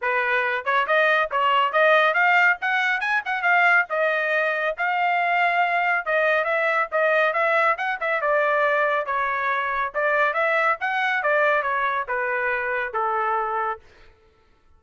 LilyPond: \new Staff \with { instrumentName = "trumpet" } { \time 4/4 \tempo 4 = 139 b'4. cis''8 dis''4 cis''4 | dis''4 f''4 fis''4 gis''8 fis''8 | f''4 dis''2 f''4~ | f''2 dis''4 e''4 |
dis''4 e''4 fis''8 e''8 d''4~ | d''4 cis''2 d''4 | e''4 fis''4 d''4 cis''4 | b'2 a'2 | }